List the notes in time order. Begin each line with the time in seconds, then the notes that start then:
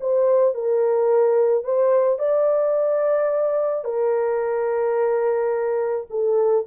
0.00 C5
0.54 A#4
1.64 C5
2.18 D5
3.84 A#4
6.10 A4